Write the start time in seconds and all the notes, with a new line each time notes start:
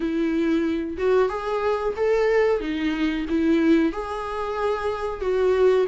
0.00 E4
0.97 F#4
1.29 G#4
1.96 A4
2.60 D#4
3.29 E4
3.92 G#4
5.20 F#4